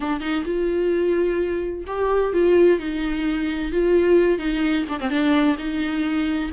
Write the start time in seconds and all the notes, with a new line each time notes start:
0.00 D4
0.20 D#4
0.45 F4
1.86 G4
2.33 F4
2.79 D#4
3.71 F4
4.38 D#4
4.89 D4
5.00 C4
5.10 D4
5.58 D#4